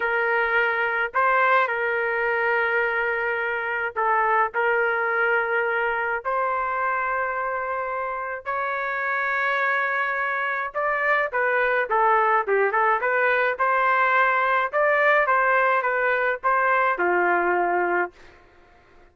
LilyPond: \new Staff \with { instrumentName = "trumpet" } { \time 4/4 \tempo 4 = 106 ais'2 c''4 ais'4~ | ais'2. a'4 | ais'2. c''4~ | c''2. cis''4~ |
cis''2. d''4 | b'4 a'4 g'8 a'8 b'4 | c''2 d''4 c''4 | b'4 c''4 f'2 | }